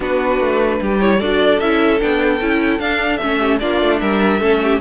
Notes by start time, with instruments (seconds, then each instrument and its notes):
0.00 cello B3, viola D4, violin F#4 B4
0.40 cello A3
0.81 cello G3, violin G4
1.00 viola E4, violin C#5
1.19 cello D4, viola F#4, violin A4 D5
1.59 cello C#4, viola E4, violin E5
1.99 cello B3, viola D4, violin G5
2.41 cello C#4, viola E4
2.79 cello D4, viola D4, violin F5
3.17 viola C#4, violin E5
3.23 cello A3
3.38 violin G4
3.59 cello A#3, viola D4, violin F4 D5
3.81 cello A3
3.99 cello G3, violin A#4 E5
4.40 cello A3, viola C#4, violin A4
4.62 violin G4